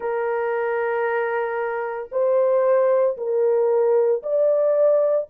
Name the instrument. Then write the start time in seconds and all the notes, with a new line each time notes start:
horn
0.00 A#4
2.11 C5
3.17 A#4
4.22 D5